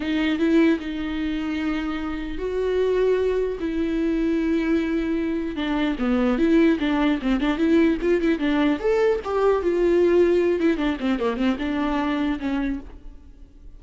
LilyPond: \new Staff \with { instrumentName = "viola" } { \time 4/4 \tempo 4 = 150 dis'4 e'4 dis'2~ | dis'2 fis'2~ | fis'4 e'2.~ | e'2 d'4 b4 |
e'4 d'4 c'8 d'8 e'4 | f'8 e'8 d'4 a'4 g'4 | f'2~ f'8 e'8 d'8 c'8 | ais8 c'8 d'2 cis'4 | }